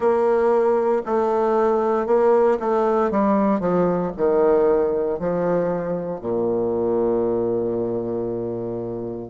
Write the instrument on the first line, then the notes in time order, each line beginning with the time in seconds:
bassoon
0.00 A#3
1.05 A3
2.06 A#3
2.59 A3
3.10 G3
3.59 F3
4.17 D#3
5.19 F3
6.20 A#2